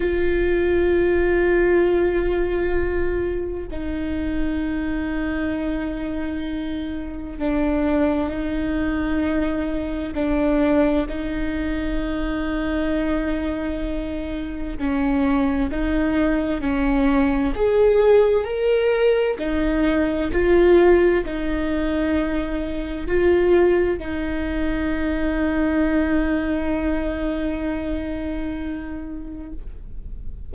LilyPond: \new Staff \with { instrumentName = "viola" } { \time 4/4 \tempo 4 = 65 f'1 | dis'1 | d'4 dis'2 d'4 | dis'1 |
cis'4 dis'4 cis'4 gis'4 | ais'4 dis'4 f'4 dis'4~ | dis'4 f'4 dis'2~ | dis'1 | }